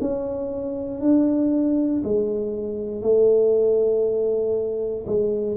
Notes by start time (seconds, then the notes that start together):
0.00 C#4
1.01 D4
2.03 G#3
3.01 A3
5.06 G#3